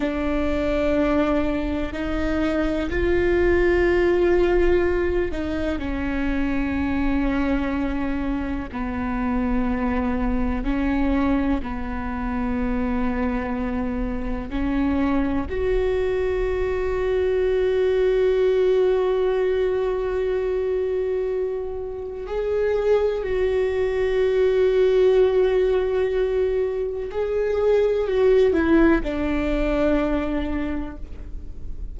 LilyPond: \new Staff \with { instrumentName = "viola" } { \time 4/4 \tempo 4 = 62 d'2 dis'4 f'4~ | f'4. dis'8 cis'2~ | cis'4 b2 cis'4 | b2. cis'4 |
fis'1~ | fis'2. gis'4 | fis'1 | gis'4 fis'8 e'8 d'2 | }